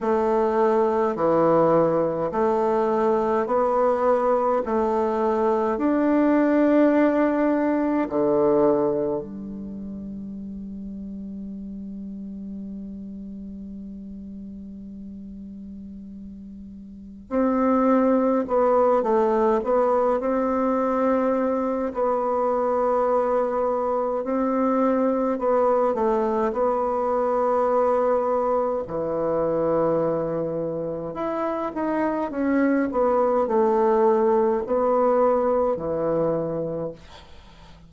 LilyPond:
\new Staff \with { instrumentName = "bassoon" } { \time 4/4 \tempo 4 = 52 a4 e4 a4 b4 | a4 d'2 d4 | g1~ | g2. c'4 |
b8 a8 b8 c'4. b4~ | b4 c'4 b8 a8 b4~ | b4 e2 e'8 dis'8 | cis'8 b8 a4 b4 e4 | }